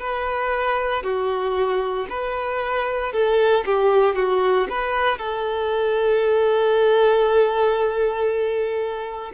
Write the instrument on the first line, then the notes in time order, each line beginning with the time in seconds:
violin
0.00 B4
1.03 F#4
2.10 B4
3.13 A4
3.66 G4
4.16 F#4
4.70 B4
5.19 A4